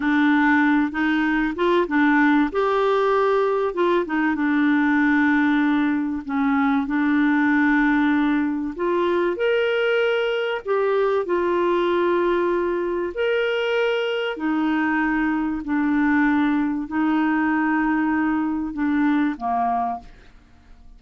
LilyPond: \new Staff \with { instrumentName = "clarinet" } { \time 4/4 \tempo 4 = 96 d'4. dis'4 f'8 d'4 | g'2 f'8 dis'8 d'4~ | d'2 cis'4 d'4~ | d'2 f'4 ais'4~ |
ais'4 g'4 f'2~ | f'4 ais'2 dis'4~ | dis'4 d'2 dis'4~ | dis'2 d'4 ais4 | }